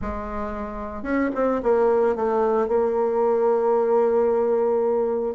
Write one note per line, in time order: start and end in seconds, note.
0.01 1.02 G#3
1.02 1.29 C#4
1.34 1.61 C4
1.62 2.15 A#3
2.15 2.68 A3
2.68 5.34 A#3